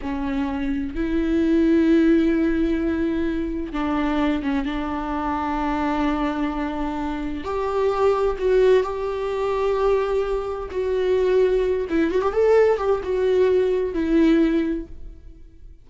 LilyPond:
\new Staff \with { instrumentName = "viola" } { \time 4/4 \tempo 4 = 129 cis'2 e'2~ | e'1 | d'4. cis'8 d'2~ | d'1 |
g'2 fis'4 g'4~ | g'2. fis'4~ | fis'4. e'8 fis'16 g'16 a'4 g'8 | fis'2 e'2 | }